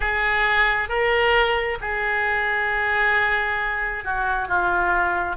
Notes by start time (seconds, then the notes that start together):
0.00 G#4
0.88 A#4
1.80 G#4
4.04 F#4
4.48 F4